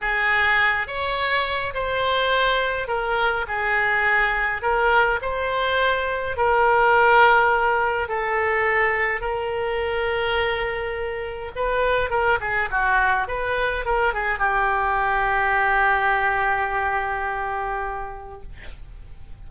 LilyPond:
\new Staff \with { instrumentName = "oboe" } { \time 4/4 \tempo 4 = 104 gis'4. cis''4. c''4~ | c''4 ais'4 gis'2 | ais'4 c''2 ais'4~ | ais'2 a'2 |
ais'1 | b'4 ais'8 gis'8 fis'4 b'4 | ais'8 gis'8 g'2.~ | g'1 | }